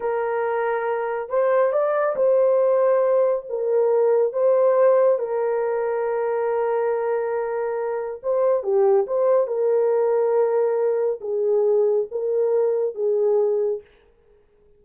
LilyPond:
\new Staff \with { instrumentName = "horn" } { \time 4/4 \tempo 4 = 139 ais'2. c''4 | d''4 c''2. | ais'2 c''2 | ais'1~ |
ais'2. c''4 | g'4 c''4 ais'2~ | ais'2 gis'2 | ais'2 gis'2 | }